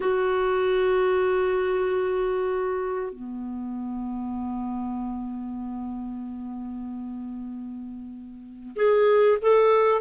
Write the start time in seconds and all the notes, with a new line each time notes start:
0.00 F#4
3.12 B3
8.76 G#4
9.41 A4